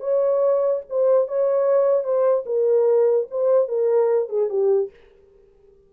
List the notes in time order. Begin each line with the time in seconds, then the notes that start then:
0.00 C#5
0.90 C5
1.28 C#5
2.04 C5
2.46 A#4
3.31 C5
3.68 A#4
4.29 G#4
4.49 G4